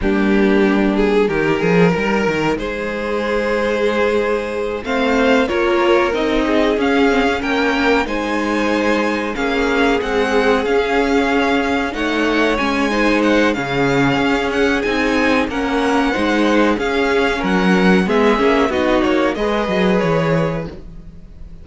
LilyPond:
<<
  \new Staff \with { instrumentName = "violin" } { \time 4/4 \tempo 4 = 93 g'4. gis'8 ais'2 | c''2.~ c''8 f''8~ | f''8 cis''4 dis''4 f''4 g''8~ | g''8 gis''2 f''4 fis''8~ |
fis''8 f''2 fis''4 gis''8~ | gis''8 fis''8 f''4. fis''8 gis''4 | fis''2 f''4 fis''4 | e''4 dis''8 cis''8 dis''4 cis''4 | }
  \new Staff \with { instrumentName = "violin" } { \time 4/4 d'2 g'8 gis'8 ais'4 | gis'2.~ gis'8 c''8~ | c''8 ais'4. gis'4. ais'8~ | ais'8 c''2 gis'4.~ |
gis'2~ gis'8 cis''4. | c''4 gis'2. | ais'4 c''4 gis'4 ais'4 | gis'4 fis'4 b'2 | }
  \new Staff \with { instrumentName = "viola" } { \time 4/4 ais2 dis'2~ | dis'2.~ dis'8 c'8~ | c'8 f'4 dis'4 cis'8 c'16 cis'8.~ | cis'8 dis'2 cis'4 gis8~ |
gis8 cis'2 dis'4 cis'8 | dis'4 cis'2 dis'4 | cis'4 dis'4 cis'2 | b8 cis'8 dis'4 gis'2 | }
  \new Staff \with { instrumentName = "cello" } { \time 4/4 g2 dis8 f8 g8 dis8 | gis2.~ gis8 a8~ | a8 ais4 c'4 cis'4 ais8~ | ais8 gis2 ais4 c'8~ |
c'8 cis'2 a4 gis8~ | gis4 cis4 cis'4 c'4 | ais4 gis4 cis'4 fis4 | gis8 ais8 b8 ais8 gis8 fis8 e4 | }
>>